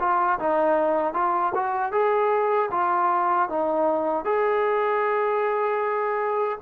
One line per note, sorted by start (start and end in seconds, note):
0.00 0.39 F4
0.40 1.14 D#4
1.14 1.53 F4
1.55 1.92 F#4
1.92 2.70 G#4
2.72 3.50 F4
3.50 4.25 D#4
4.25 6.59 G#4